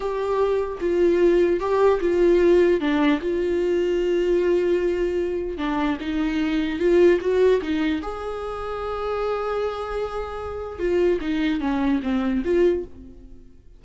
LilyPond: \new Staff \with { instrumentName = "viola" } { \time 4/4 \tempo 4 = 150 g'2 f'2 | g'4 f'2 d'4 | f'1~ | f'2 d'4 dis'4~ |
dis'4 f'4 fis'4 dis'4 | gis'1~ | gis'2. f'4 | dis'4 cis'4 c'4 f'4 | }